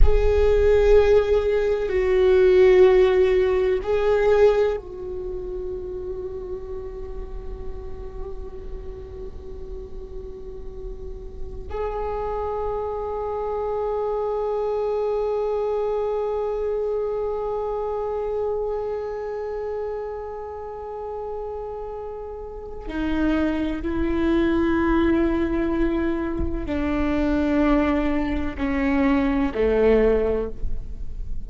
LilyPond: \new Staff \with { instrumentName = "viola" } { \time 4/4 \tempo 4 = 63 gis'2 fis'2 | gis'4 fis'2.~ | fis'1~ | fis'16 gis'2.~ gis'8.~ |
gis'1~ | gis'1 | dis'4 e'2. | d'2 cis'4 a4 | }